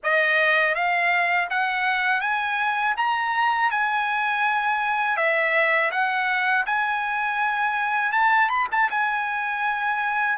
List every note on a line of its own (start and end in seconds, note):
0.03 0.74 D#5
0.74 1.48 F5
1.50 2.20 F#5
2.20 2.95 G#5
2.96 3.70 A#5
3.70 5.16 G#5
5.16 5.91 E5
5.91 6.65 F#5
6.66 8.12 G#5
8.12 8.48 A5
8.48 8.67 B5
8.71 8.90 A5
8.90 10.38 G#5